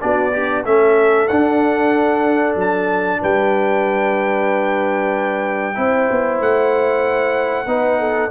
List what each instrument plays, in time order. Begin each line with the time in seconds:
0.00 tuba B3, trombone D4, horn F#4, trumpet D5
0.33 horn D4, trombone G4
0.65 tuba A3, trombone C#4, horn A4, trumpet E5
1.28 tuba D4, trombone D4, trumpet F#5
2.55 tuba F#3, trumpet A5
3.21 tuba G3, horn B4, trumpet G5
5.75 tuba C4, trombone E4, horn C5
6.11 tuba B3
6.40 tuba A3, trumpet F#5
7.66 tuba B3, trombone D#4, horn B4
8.00 horn A4